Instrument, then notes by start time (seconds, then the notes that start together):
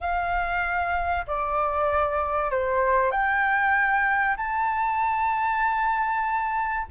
flute
0.01 F5
1.26 D5
2.50 C5
3.11 G5
4.37 A5